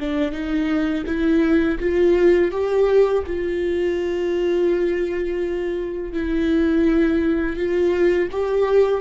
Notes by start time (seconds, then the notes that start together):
0.00 D4
0.32 D#4
1.07 E4
1.80 F4
2.52 G4
3.27 F4
6.13 E4
7.57 F4
8.32 G4